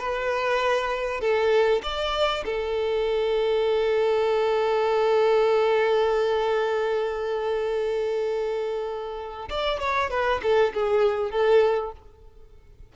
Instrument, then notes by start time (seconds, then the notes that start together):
violin
0.00 B4
1.21 A4
1.83 D5
2.45 A4
9.50 D5
9.80 C#5
10.11 B4
10.43 A4
10.74 G#4
11.31 A4